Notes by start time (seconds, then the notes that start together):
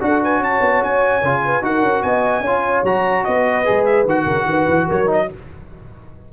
0.00 D4 F#4 A4 F#5
0.23 B4 G#5
0.38 C#4 C#5 A5
0.60 B3
0.81 C#4 G#5
1.22 C#3 F4
1.44 B4
1.62 D#4 F#4 A#4 F#5
1.82 C#4
2.02 B3 D#5 G#5
2.40 C#4 C#5
2.46 F4
2.83 F#3 F#4 A#5
3.24 B3 B4 D#5
3.65 G#3 G#4
3.85 E5
4.05 D#3 F#4 F#5
4.25 C#3 A#4
4.45 D#3 B4
4.67 E3
4.87 F#3 A#4 C#5
5.06 D#4
5.12 D#5